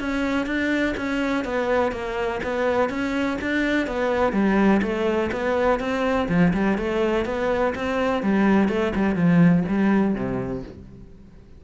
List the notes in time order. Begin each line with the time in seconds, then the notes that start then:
0.00 C#4
0.46 D4
0.97 C#4
1.45 B3
1.92 A#3
2.44 B3
2.89 C#4
3.42 D4
3.87 B3
4.33 G3
4.82 A3
5.32 B3
5.80 C4
6.29 F3
6.54 G3
6.78 A3
7.25 B3
7.75 C4
8.23 G3
8.69 A3
8.96 G3
9.15 F3
9.68 G3
10.15 C3